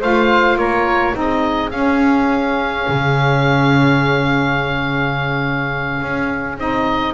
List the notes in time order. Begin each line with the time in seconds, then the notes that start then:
0.00 A3 F4 C5 F5
0.56 A#3 A#4 C#5
1.12 C4 D#4 G#4
1.20 D#5
1.70 C#4 F5
2.88 C#3
6.02 C#4
6.57 C4 D#4 D#5